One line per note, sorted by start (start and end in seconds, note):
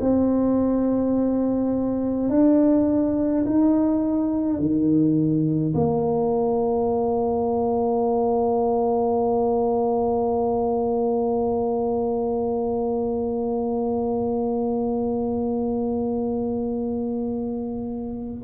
0.00 2.29 C4
2.29 3.45 D4
3.45 4.58 D#4
4.58 5.74 D#3
5.74 18.44 A#3